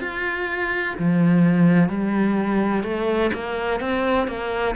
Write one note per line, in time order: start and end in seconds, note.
0.00 0.95 F4
0.99 1.89 F3
1.89 2.84 G3
2.84 3.32 A3
3.34 3.81 A#3
3.81 4.28 C4
4.28 4.75 A#3